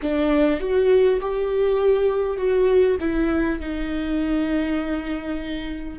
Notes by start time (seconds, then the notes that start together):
0.02 D4
0.60 F#4
1.20 G4
2.37 F#4
3.00 E4
3.60 D#4